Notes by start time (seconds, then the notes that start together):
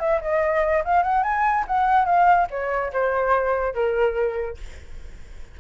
0.00 E5
0.22 D#5
0.85 F5
1.03 F#5
1.24 G#5
1.68 F#5
2.06 F5
2.51 C#5
2.93 C5
3.74 A#4